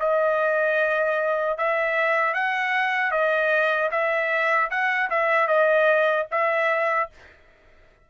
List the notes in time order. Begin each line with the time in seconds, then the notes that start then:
0.00 D#5
1.58 E5
2.34 F#5
3.11 D#5
3.92 E5
4.70 F#5
5.10 E5
5.48 D#5
6.32 E5